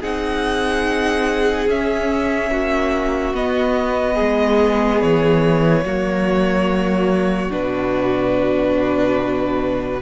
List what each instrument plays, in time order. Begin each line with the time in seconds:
0.00 cello C4, viola D#4, violin G#4 F#5
1.68 cello C#4, viola C#4, violin E5
2.50 cello A#3, violin F#4
3.33 cello B3, viola B3, violin D#5
4.14 violin G#4
4.20 cello G#3
5.02 cello E3, violin C#5
5.84 cello F#3, viola A#3, violin F#4
7.50 cello B2, viola D4, violin B4